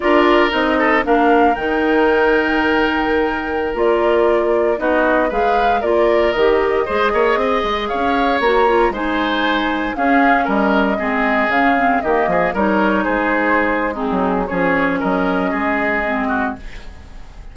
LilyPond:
<<
  \new Staff \with { instrumentName = "flute" } { \time 4/4 \tempo 4 = 116 d''4 dis''4 f''4 g''4~ | g''2.~ g''16 d''8.~ | d''4~ d''16 dis''4 f''4 d''8.~ | d''16 dis''2. f''8.~ |
f''16 ais''4 gis''2 f''8.~ | f''16 dis''2 f''4 dis''8.~ | dis''16 cis''4 c''4.~ c''16 gis'4 | cis''4 dis''2. | }
  \new Staff \with { instrumentName = "oboe" } { \time 4/4 ais'4. a'8 ais'2~ | ais'1~ | ais'4~ ais'16 fis'4 b'4 ais'8.~ | ais'4~ ais'16 c''8 cis''8 dis''4 cis''8.~ |
cis''4~ cis''16 c''2 gis'8.~ | gis'16 ais'4 gis'2 g'8 gis'16~ | gis'16 ais'4 gis'4.~ gis'16 dis'4 | gis'4 ais'4 gis'4. fis'8 | }
  \new Staff \with { instrumentName = "clarinet" } { \time 4/4 f'4 dis'4 d'4 dis'4~ | dis'2.~ dis'16 f'8.~ | f'4~ f'16 dis'4 gis'4 f'8.~ | f'16 g'4 gis'2~ gis'8.~ |
gis'16 fis'8 f'8 dis'2 cis'8.~ | cis'4~ cis'16 c'4 cis'8 c'8 ais8.~ | ais16 dis'2~ dis'8. c'4 | cis'2. c'4 | }
  \new Staff \with { instrumentName = "bassoon" } { \time 4/4 d'4 c'4 ais4 dis4~ | dis2.~ dis16 ais8.~ | ais4~ ais16 b4 gis4 ais8.~ | ais16 dis4 gis8 ais8 c'8 gis8 cis'8.~ |
cis'16 ais4 gis2 cis'8.~ | cis'16 g4 gis4 cis4 dis8 f16~ | f16 g4 gis2 fis8. | f4 fis4 gis2 | }
>>